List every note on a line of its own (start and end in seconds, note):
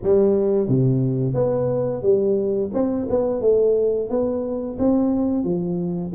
0.02 0.68 G3
0.68 1.34 C3
1.34 2.02 B3
2.02 2.70 G3
2.73 3.07 C4
3.09 3.41 B3
3.41 4.09 A3
4.09 4.77 B3
4.78 5.44 C4
5.44 6.12 F3